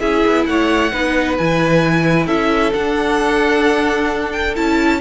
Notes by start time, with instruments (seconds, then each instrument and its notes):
0.00 cello C#4, viola E4, violin G#4 E5
0.26 cello B3
0.46 cello A3, violin C#5 F#5
0.93 cello B3, viola D#4, violin B4
1.38 cello E3, viola E4, violin G#5
2.27 cello C#4, violin A4 E5
2.73 viola D4, cello D4, violin F#5
4.32 violin G5
4.56 cello C#4, viola E4, violin A5